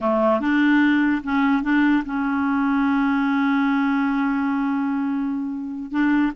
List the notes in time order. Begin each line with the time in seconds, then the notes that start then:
0.01 A3
0.40 D4
1.23 C#4
1.62 D4
2.05 C#4
5.91 D4